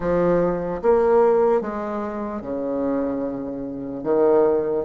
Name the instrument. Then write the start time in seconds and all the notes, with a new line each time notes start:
bassoon
0.00 F3
0.82 A#3
1.61 G#3
2.41 C#3
4.03 D#3